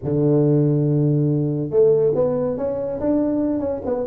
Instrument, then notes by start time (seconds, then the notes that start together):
tuba
0.03 D3
1.70 A3
2.14 B3
2.57 C#4
3.00 D4
3.59 C#4
3.85 B3